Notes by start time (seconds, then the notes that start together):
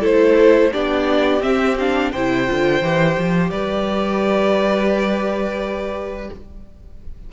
0.00 A3 E4 A4 C5
0.72 B3 D4 G4 D5
1.39 C4 E5
1.78 D4 F5
2.11 C3 E4 C5 G5
2.47 D3 F4
2.81 E3 G4
3.18 F3
3.50 G3 B4 D5